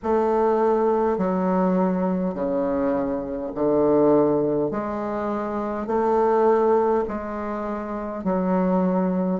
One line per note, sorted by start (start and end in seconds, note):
0.03 1.18 A3
1.18 2.34 F#3
2.34 3.52 C#3
3.55 4.71 D3
4.71 5.86 G#3
5.86 7.04 A3
7.07 8.24 G#3
8.24 9.40 F#3